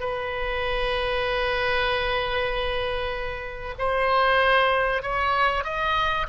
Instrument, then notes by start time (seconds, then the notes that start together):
oboe
0.00 B4
3.79 C5
5.03 C#5
5.64 D#5